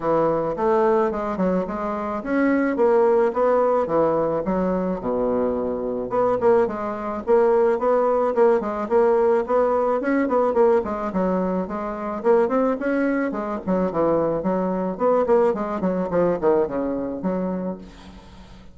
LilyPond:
\new Staff \with { instrumentName = "bassoon" } { \time 4/4 \tempo 4 = 108 e4 a4 gis8 fis8 gis4 | cis'4 ais4 b4 e4 | fis4 b,2 b8 ais8 | gis4 ais4 b4 ais8 gis8 |
ais4 b4 cis'8 b8 ais8 gis8 | fis4 gis4 ais8 c'8 cis'4 | gis8 fis8 e4 fis4 b8 ais8 | gis8 fis8 f8 dis8 cis4 fis4 | }